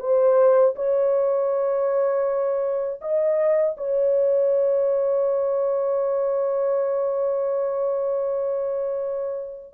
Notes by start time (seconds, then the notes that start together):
0.00 C5
0.76 C#5
3.01 D#5
3.77 C#5